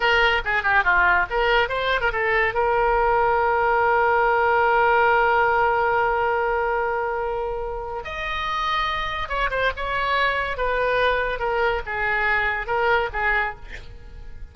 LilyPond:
\new Staff \with { instrumentName = "oboe" } { \time 4/4 \tempo 4 = 142 ais'4 gis'8 g'8 f'4 ais'4 | c''8. ais'16 a'4 ais'2~ | ais'1~ | ais'1~ |
ais'2. dis''4~ | dis''2 cis''8 c''8 cis''4~ | cis''4 b'2 ais'4 | gis'2 ais'4 gis'4 | }